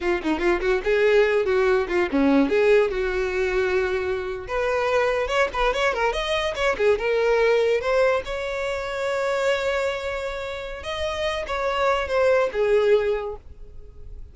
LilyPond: \new Staff \with { instrumentName = "violin" } { \time 4/4 \tempo 4 = 144 f'8 dis'8 f'8 fis'8 gis'4. fis'8~ | fis'8 f'8 cis'4 gis'4 fis'4~ | fis'2~ fis'8. b'4~ b'16~ | b'8. cis''8 b'8 cis''8 ais'8 dis''4 cis''16~ |
cis''16 gis'8 ais'2 c''4 cis''16~ | cis''1~ | cis''2 dis''4. cis''8~ | cis''4 c''4 gis'2 | }